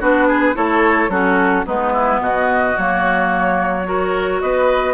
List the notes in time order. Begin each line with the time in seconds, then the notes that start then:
0.00 B3 D4 F#4 B4
0.28 G#4
0.54 A3 E4 A4 C#5
1.09 F#3 C#4 F#4 A4
1.66 G#3 B3 D#4 B4
1.92 E4
2.19 B2 F#4 D#5
2.77 F#3 A#3 C#5
3.84 F#4 A#4
4.41 B3 B4 D#5